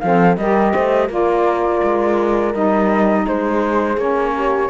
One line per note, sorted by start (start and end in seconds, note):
0.00 0.37 F3
0.00 0.40 C4
0.00 0.39 A4
0.00 0.36 F5
0.37 0.73 G3
0.37 1.09 G4
0.37 0.73 A#4
0.37 1.09 D#5
0.73 1.09 A3
0.73 1.09 C5
1.09 1.82 A#3
1.09 2.53 F4
1.09 3.26 A#4
1.09 2.54 D5
1.84 2.54 G#3
2.53 3.26 G3
2.53 3.98 D#4
2.53 3.27 D#5
3.27 3.98 G#3
3.27 4.35 G#4
3.27 3.99 C5
3.98 4.70 A#3
3.98 4.70 C#4
3.98 4.70 C#5
4.35 4.70 G4